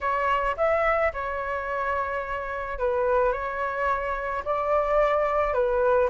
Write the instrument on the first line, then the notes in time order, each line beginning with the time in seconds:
flute
0.00 C#5
0.56 E5
1.13 C#5
2.78 B4
3.32 C#5
4.44 D5
5.53 B4